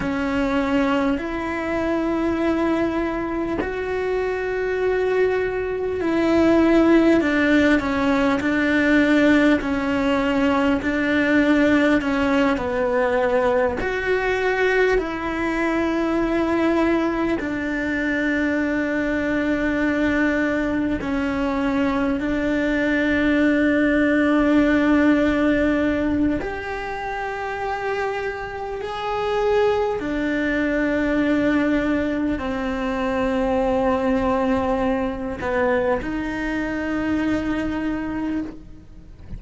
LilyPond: \new Staff \with { instrumentName = "cello" } { \time 4/4 \tempo 4 = 50 cis'4 e'2 fis'4~ | fis'4 e'4 d'8 cis'8 d'4 | cis'4 d'4 cis'8 b4 fis'8~ | fis'8 e'2 d'4.~ |
d'4. cis'4 d'4.~ | d'2 g'2 | gis'4 d'2 c'4~ | c'4. b8 dis'2 | }